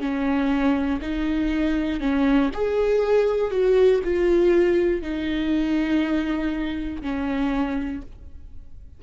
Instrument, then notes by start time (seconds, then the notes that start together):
viola
0.00 C#4
1.01 D#4
2.00 C#4
2.54 G#4
3.51 F#4
4.04 F4
5.01 D#4
7.01 C#4